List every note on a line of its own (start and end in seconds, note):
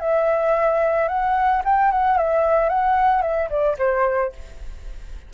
0.00 1.08 E5
1.08 1.62 F#5
1.65 1.91 G5
1.91 2.17 F#5
2.17 2.69 E5
2.69 3.22 F#5
3.22 3.49 E5
3.50 3.77 D5
3.78 4.32 C5